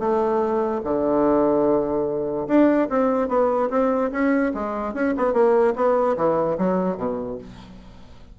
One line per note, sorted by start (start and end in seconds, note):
0.00 0.82 A3
0.84 2.48 D3
2.48 2.89 D4
2.90 3.29 C4
3.29 3.70 B3
3.71 4.11 C4
4.12 4.53 C#4
4.55 4.94 G#3
4.94 5.15 C#4
5.18 5.34 B3
5.34 5.74 A#3
5.76 6.17 B3
6.17 6.58 E3
6.58 6.98 F#3
6.98 7.38 B2